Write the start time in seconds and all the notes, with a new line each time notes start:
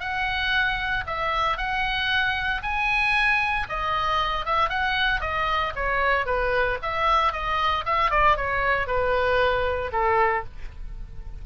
0.00 F#5
1.07 E5
1.57 F#5
2.63 G#5
3.69 D#5
4.45 E5
4.70 F#5
5.21 D#5
5.76 C#5
6.26 B4
6.82 E5
7.33 D#5
7.86 E5
8.11 D5
8.37 C#5
8.87 B4
9.92 A4